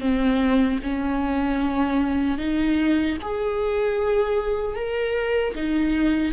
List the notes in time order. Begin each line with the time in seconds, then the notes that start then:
0.00 C4
0.83 C#4
2.38 D#4
3.21 G#4
4.75 A#4
5.54 D#4